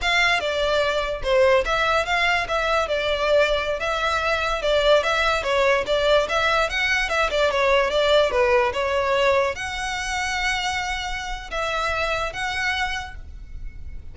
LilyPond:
\new Staff \with { instrumentName = "violin" } { \time 4/4 \tempo 4 = 146 f''4 d''2 c''4 | e''4 f''4 e''4 d''4~ | d''4~ d''16 e''2 d''8.~ | d''16 e''4 cis''4 d''4 e''8.~ |
e''16 fis''4 e''8 d''8 cis''4 d''8.~ | d''16 b'4 cis''2 fis''8.~ | fis''1 | e''2 fis''2 | }